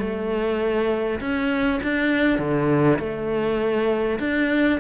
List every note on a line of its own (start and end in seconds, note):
0.00 1.20 A3
1.20 1.80 C#4
1.83 2.39 D4
2.39 2.99 D3
2.99 4.19 A3
4.19 4.79 D4